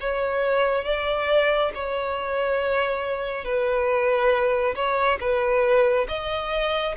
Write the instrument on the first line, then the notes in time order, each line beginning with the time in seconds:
violin
0.00 C#5
0.85 D5
1.74 C#5
3.44 B4
4.75 C#5
5.20 B4
6.08 D#5